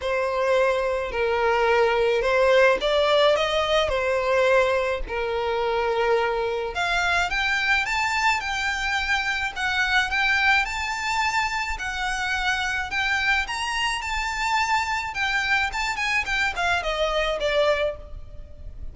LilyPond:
\new Staff \with { instrumentName = "violin" } { \time 4/4 \tempo 4 = 107 c''2 ais'2 | c''4 d''4 dis''4 c''4~ | c''4 ais'2. | f''4 g''4 a''4 g''4~ |
g''4 fis''4 g''4 a''4~ | a''4 fis''2 g''4 | ais''4 a''2 g''4 | a''8 gis''8 g''8 f''8 dis''4 d''4 | }